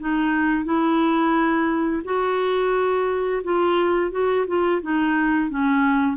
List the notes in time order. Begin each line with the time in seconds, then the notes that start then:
0.00 D#4
0.65 E4
2.05 F#4
3.44 F4
4.12 F#4
4.48 F4
4.82 D#4
5.50 C#4